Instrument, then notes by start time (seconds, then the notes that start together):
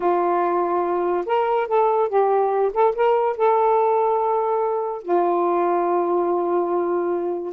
saxophone
0.00 F4
1.25 A#4
1.67 A4
2.08 G4
2.73 A4
2.95 A#4
3.36 A4
5.02 F4